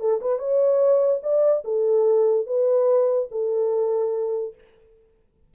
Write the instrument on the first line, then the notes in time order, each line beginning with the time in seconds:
horn
0.00 A4
0.21 B4
0.39 C#5
1.23 D5
1.65 A4
2.47 B4
3.31 A4